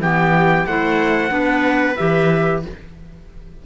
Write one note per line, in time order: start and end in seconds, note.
0.00 0.65 E3
0.00 0.66 B3
0.00 0.67 G4
0.00 0.66 G5
0.66 1.30 A3
0.66 1.29 E4
0.66 1.32 C5
0.66 1.97 F#5
1.29 1.96 B3
1.29 1.95 D4
1.29 2.65 B4
1.97 2.65 E3
1.97 2.63 G4
1.97 2.62 E5